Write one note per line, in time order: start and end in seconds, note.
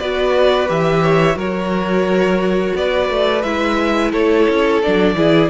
0.00 0.70 B3
0.00 0.67 F#4
0.00 1.04 B4
0.00 0.69 D5
0.67 1.36 E3
0.67 1.34 G4
0.67 1.39 E5
1.04 1.37 C#5
1.34 2.74 F#3
1.34 3.41 F#4
1.34 2.75 A#4
1.34 2.77 C#5
2.75 3.10 B3
2.75 4.12 B4
2.75 3.43 D5
3.10 3.44 A3
3.43 4.14 G#3
3.43 4.83 E4
3.43 4.12 E5
4.12 4.48 A3
4.12 5.16 A4
4.12 4.82 C#5
4.50 4.84 C#4
4.83 5.16 F#3
4.83 5.17 D4
4.83 5.51 D5
5.16 5.50 E3
5.16 5.51 E4
5.16 5.51 G#4